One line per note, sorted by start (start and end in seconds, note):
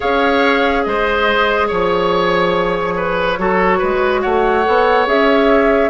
0.00 0.86 C#4
0.00 3.36 G#4
0.00 0.82 C#5
0.00 0.83 F5
0.83 1.70 G#3
0.83 1.67 C5
0.83 1.68 D#5
1.67 3.38 F3
1.67 2.94 C#5
1.67 4.21 C#5
2.96 3.38 B4
3.38 3.80 F#3
3.38 4.64 F#4
3.38 3.78 A4
3.78 4.24 G#3
3.78 4.20 B4
4.21 4.67 A3
4.21 5.90 C#5
4.21 5.06 F#5
4.64 5.06 B3
4.64 5.06 A4
5.06 5.90 C#4
5.06 5.90 G#4
5.06 5.90 E5